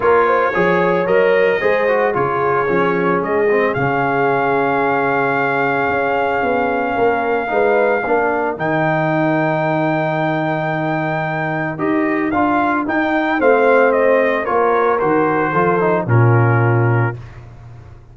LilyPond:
<<
  \new Staff \with { instrumentName = "trumpet" } { \time 4/4 \tempo 4 = 112 cis''2 dis''2 | cis''2 dis''4 f''4~ | f''1~ | f''1 |
g''1~ | g''2 dis''4 f''4 | g''4 f''4 dis''4 cis''4 | c''2 ais'2 | }
  \new Staff \with { instrumentName = "horn" } { \time 4/4 ais'8 c''8 cis''2 c''4 | gis'1~ | gis'1~ | gis'4 ais'4 b'4 ais'4~ |
ais'1~ | ais'1~ | ais'4 c''2 ais'4~ | ais'4 a'4 f'2 | }
  \new Staff \with { instrumentName = "trombone" } { \time 4/4 f'4 gis'4 ais'4 gis'8 fis'8 | f'4 cis'4. c'8 cis'4~ | cis'1~ | cis'2 dis'4 d'4 |
dis'1~ | dis'2 g'4 f'4 | dis'4 c'2 f'4 | fis'4 f'8 dis'8 cis'2 | }
  \new Staff \with { instrumentName = "tuba" } { \time 4/4 ais4 f4 fis4 gis4 | cis4 f4 gis4 cis4~ | cis2. cis'4 | b4 ais4 gis4 ais4 |
dis1~ | dis2 dis'4 d'4 | dis'4 a2 ais4 | dis4 f4 ais,2 | }
>>